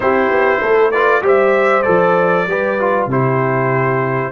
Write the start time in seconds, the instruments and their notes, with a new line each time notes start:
0.00 tuba C4, trombone E4, horn G4, trumpet C5
0.30 tuba B3
0.60 tuba A3, horn A4
0.91 trombone F4, horn B4, trumpet D5
1.21 tuba G3, trombone G4, horn C5, trumpet E5
1.82 tuba F3, trombone A4, trumpet D5
2.47 tuba G3, trombone G4, horn B4
2.80 trombone F4
3.06 tuba C3, trombone E4, horn G4, trumpet C5